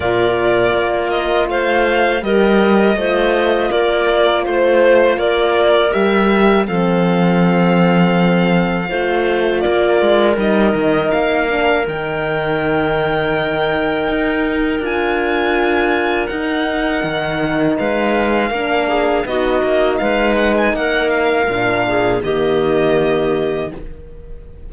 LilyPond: <<
  \new Staff \with { instrumentName = "violin" } { \time 4/4 \tempo 4 = 81 d''4. dis''8 f''4 dis''4~ | dis''4 d''4 c''4 d''4 | e''4 f''2.~ | f''4 d''4 dis''4 f''4 |
g''1 | gis''2 fis''2 | f''2 dis''4 f''8 fis''16 gis''16 | fis''8 f''4. dis''2 | }
  \new Staff \with { instrumentName = "clarinet" } { \time 4/4 ais'2 c''4 ais'4 | c''4 ais'4 c''4 ais'4~ | ais'4 a'2. | c''4 ais'2.~ |
ais'1~ | ais'1 | b'4 ais'8 gis'8 fis'4 b'4 | ais'4. gis'8 g'2 | }
  \new Staff \with { instrumentName = "horn" } { \time 4/4 f'2. g'4 | f'1 | g'4 c'2. | f'2 dis'4. d'8 |
dis'1 | f'2 dis'2~ | dis'4 d'4 dis'2~ | dis'4 d'4 ais2 | }
  \new Staff \with { instrumentName = "cello" } { \time 4/4 ais,4 ais4 a4 g4 | a4 ais4 a4 ais4 | g4 f2. | a4 ais8 gis8 g8 dis8 ais4 |
dis2. dis'4 | d'2 dis'4 dis4 | gis4 ais4 b8 ais8 gis4 | ais4 ais,4 dis2 | }
>>